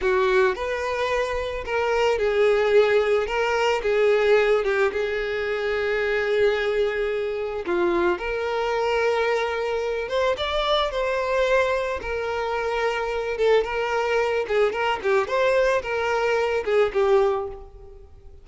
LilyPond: \new Staff \with { instrumentName = "violin" } { \time 4/4 \tempo 4 = 110 fis'4 b'2 ais'4 | gis'2 ais'4 gis'4~ | gis'8 g'8 gis'2.~ | gis'2 f'4 ais'4~ |
ais'2~ ais'8 c''8 d''4 | c''2 ais'2~ | ais'8 a'8 ais'4. gis'8 ais'8 g'8 | c''4 ais'4. gis'8 g'4 | }